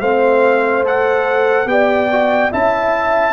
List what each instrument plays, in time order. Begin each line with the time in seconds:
0.00 tuba A3, trombone C4, horn C5, trumpet F5
0.84 trombone A4, trumpet F#5
1.65 tuba B3, trombone G4, horn D5, trumpet G5
2.11 trombone F#4
2.51 tuba C#4, trombone E4, horn E5, trumpet A5